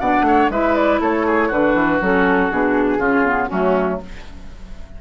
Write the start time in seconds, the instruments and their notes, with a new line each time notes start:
0.00 bassoon B2, clarinet D4, oboe D5, flute F#5
0.22 bassoon A3
0.28 oboe C#5
0.50 bassoon G#3, clarinet E4, oboe B4, flute E5
0.76 flute D5
1.01 bassoon A3, oboe A4, flute C#5
1.27 oboe G#4
1.49 bassoon D3, clarinet D4, oboe F#4, flute B4
1.75 bassoon E3
2.02 bassoon F#3, clarinet C#4, flute A4
2.51 bassoon B2, clarinet D4, flute G#4
2.99 bassoon C#3, clarinet C#4, oboe F4
3.26 clarinet B3
3.48 bassoon F#3, clarinet A3, oboe C#4, flute F#4